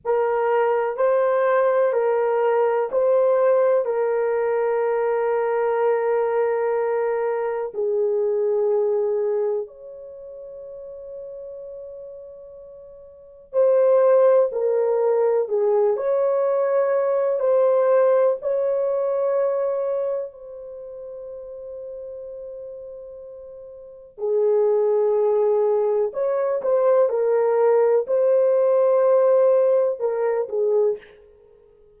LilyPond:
\new Staff \with { instrumentName = "horn" } { \time 4/4 \tempo 4 = 62 ais'4 c''4 ais'4 c''4 | ais'1 | gis'2 cis''2~ | cis''2 c''4 ais'4 |
gis'8 cis''4. c''4 cis''4~ | cis''4 c''2.~ | c''4 gis'2 cis''8 c''8 | ais'4 c''2 ais'8 gis'8 | }